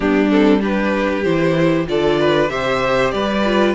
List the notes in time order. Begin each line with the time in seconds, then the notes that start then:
0.00 G3 B3 D4 G4
0.30 C4 A4
0.60 D4 G4 B4
1.24 E3 E4 C5
1.86 D3 F4 A4 D5
2.20 B4
2.49 C3 G4 C5 E5
3.11 G3 B4 D5
3.45 F4